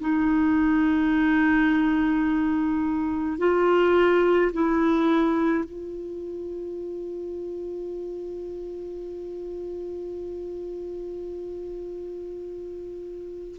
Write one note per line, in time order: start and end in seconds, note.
0.00 3.39 D#4
3.39 4.52 F4
4.53 5.65 E4
5.65 13.57 F4